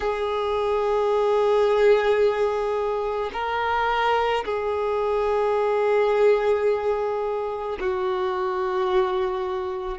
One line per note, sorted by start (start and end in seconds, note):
0.00 3.30 G#4
3.33 4.44 A#4
4.44 7.78 G#4
7.80 9.98 F#4